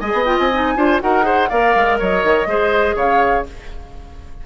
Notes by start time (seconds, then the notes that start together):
0.00 G#3 G#4 D#5 G#5
0.14 B3
0.25 F4 G5
0.39 C4 G#5
0.53 D#4
0.76 D4 F4 C5
1.00 D#4 F#4 A#4 F#5
1.22 G#4 C5
1.49 A#3 A#4 D5 F5
1.75 G#3
1.99 F#3 C#5 D#5
2.24 D#3
2.46 G#3 G#4 C5
2.96 C#3 C#5 F5